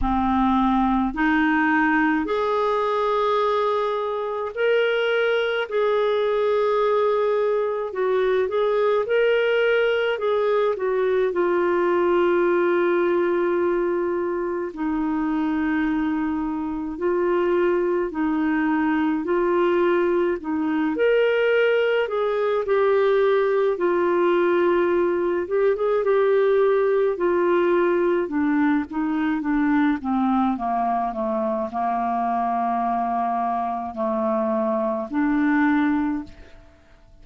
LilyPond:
\new Staff \with { instrumentName = "clarinet" } { \time 4/4 \tempo 4 = 53 c'4 dis'4 gis'2 | ais'4 gis'2 fis'8 gis'8 | ais'4 gis'8 fis'8 f'2~ | f'4 dis'2 f'4 |
dis'4 f'4 dis'8 ais'4 gis'8 | g'4 f'4. g'16 gis'16 g'4 | f'4 d'8 dis'8 d'8 c'8 ais8 a8 | ais2 a4 d'4 | }